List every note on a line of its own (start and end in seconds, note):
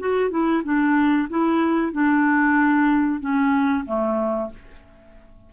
0.00 0.31 F#4
0.31 0.63 E4
0.64 1.29 D4
1.30 1.93 E4
1.93 3.21 D4
3.21 3.85 C#4
3.86 4.50 A3